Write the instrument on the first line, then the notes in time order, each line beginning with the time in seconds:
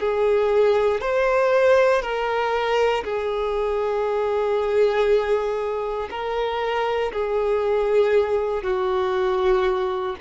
violin
0.00 G#4
1.01 C5
2.02 A#4
3.04 G#4
6.11 A#4
7.12 G#4
8.63 F#4